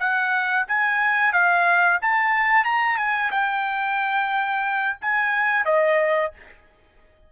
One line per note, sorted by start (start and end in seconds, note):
0.00 0.67 F#5
0.68 1.33 G#5
1.33 2.00 F5
2.02 2.65 A5
2.65 2.98 A#5
2.98 3.31 G#5
3.32 4.98 G5
5.02 5.66 G#5
5.66 6.32 D#5